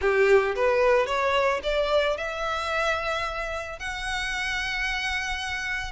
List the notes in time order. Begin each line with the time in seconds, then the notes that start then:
0.01 G4
0.55 B4
1.06 C#5
1.63 D5
2.17 E5
3.79 F#5